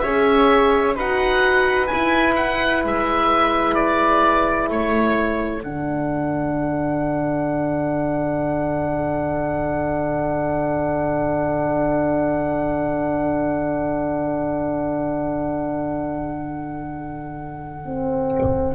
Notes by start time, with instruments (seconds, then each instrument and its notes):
0.00 double bass C#4, horn G#4, flute C#5, oboe E5
0.96 double bass D#4, horn F#4, flute B4, oboe F#5
1.87 horn E4, double bass E4, oboe G#5
2.36 oboe F#5
2.84 double bass G#3, oboe E5
3.75 oboe D5
4.70 double bass A3, flute A4, oboe C#5
5.63 double bass D3, horn D4, oboe F#5
17.86 horn C4